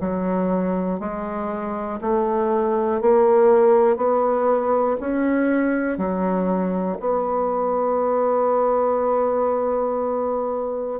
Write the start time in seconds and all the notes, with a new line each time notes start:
0.00 F#3
0.99 G#3
2.00 A3
3.01 A#3
3.96 B3
5.00 C#4
5.98 F#3
6.99 B3